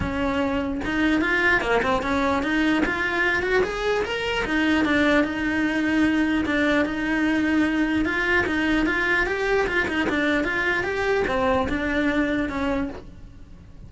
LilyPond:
\new Staff \with { instrumentName = "cello" } { \time 4/4 \tempo 4 = 149 cis'2 dis'4 f'4 | ais8 c'8 cis'4 dis'4 f'4~ | f'8 fis'8 gis'4 ais'4 dis'4 | d'4 dis'2. |
d'4 dis'2. | f'4 dis'4 f'4 g'4 | f'8 dis'8 d'4 f'4 g'4 | c'4 d'2 cis'4 | }